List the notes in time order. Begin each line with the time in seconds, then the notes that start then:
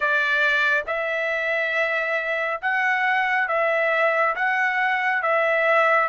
0.00 D5
0.87 E5
2.61 F#5
3.48 E5
4.35 F#5
5.22 E5